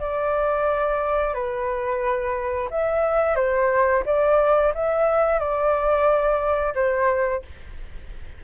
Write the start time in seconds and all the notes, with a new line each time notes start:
0.00 D5
1.34 B4
2.71 E5
3.36 C5
4.06 D5
4.75 E5
5.40 D5
6.75 C5